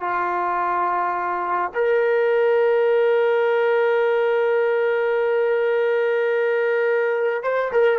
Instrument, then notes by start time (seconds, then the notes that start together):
trombone
0.00 F4
1.74 A#4
7.43 C5
7.72 A#4